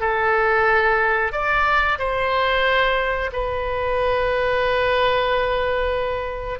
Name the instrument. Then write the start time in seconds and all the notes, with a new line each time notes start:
oboe
0.00 A4
1.32 D5
1.98 C5
3.32 B4